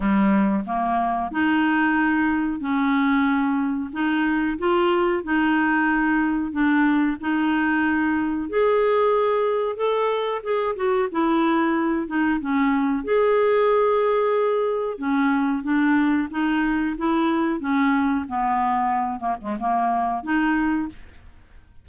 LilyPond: \new Staff \with { instrumentName = "clarinet" } { \time 4/4 \tempo 4 = 92 g4 ais4 dis'2 | cis'2 dis'4 f'4 | dis'2 d'4 dis'4~ | dis'4 gis'2 a'4 |
gis'8 fis'8 e'4. dis'8 cis'4 | gis'2. cis'4 | d'4 dis'4 e'4 cis'4 | b4. ais16 gis16 ais4 dis'4 | }